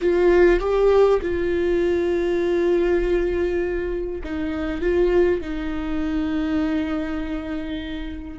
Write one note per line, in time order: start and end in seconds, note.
0.01 0.59 F4
0.59 1.19 G4
1.22 4.22 F4
4.23 4.81 D#4
4.81 5.41 F4
5.41 8.39 D#4